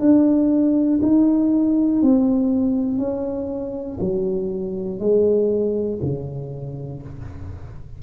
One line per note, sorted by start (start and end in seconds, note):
0.00 1.00 D4
1.03 2.02 D#4
2.02 2.99 C4
2.99 3.99 C#4
4.01 5.00 F#3
5.00 6.00 G#3
6.02 7.02 C#3